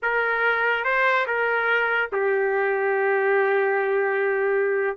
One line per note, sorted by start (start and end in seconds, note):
0.02 0.84 A#4
0.84 1.26 C5
1.26 2.10 A#4
2.12 4.97 G4